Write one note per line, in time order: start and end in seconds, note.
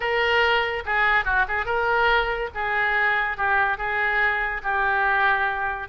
0.00 0.83 A#4
0.85 1.24 G#4
1.24 1.45 F#4
1.48 1.65 G#4
1.65 2.49 A#4
2.54 3.37 G#4
3.37 3.77 G4
3.77 4.61 G#4
4.63 5.88 G4